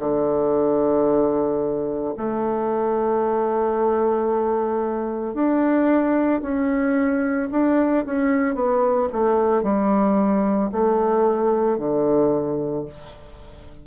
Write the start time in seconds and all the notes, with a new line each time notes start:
0.00 D3
2.17 A3
5.34 D4
6.42 C#4
7.51 D4
8.06 C#4
8.55 B3
9.13 A3
9.63 G3
10.72 A3
11.78 D3